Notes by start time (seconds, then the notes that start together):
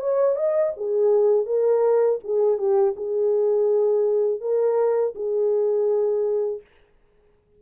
0.00 C#5
0.36 D#5
0.76 G#4
1.45 A#4
2.24 G#4
2.57 G4
2.96 G#4
4.40 A#4
5.15 G#4